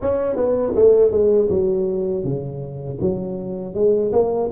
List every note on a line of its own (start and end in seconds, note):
0.01 0.35 C#4
0.35 0.73 B3
0.75 1.11 A3
1.11 1.48 G#3
1.49 2.24 F#3
2.24 2.99 C#3
3.00 3.74 F#3
3.74 4.11 G#3
4.12 4.50 A#3